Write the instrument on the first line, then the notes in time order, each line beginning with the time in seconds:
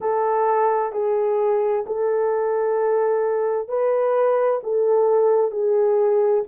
horn
0.00 A4
0.92 G#4
1.86 A4
3.68 B4
4.63 A4
5.51 G#4